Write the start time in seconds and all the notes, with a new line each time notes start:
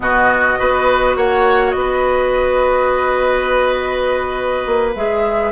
0.00 B2 B3 F#4 D#5
0.56 B3 F#4 B4
1.15 A#3 C#5 F#5
1.70 B3 D#5
1.78 B4
4.65 A#3
4.95 G#3 G#4 E5